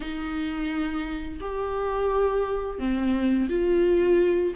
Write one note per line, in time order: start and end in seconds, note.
0.00 1.39 D#4
1.40 2.78 G4
2.78 3.48 C4
3.49 4.53 F4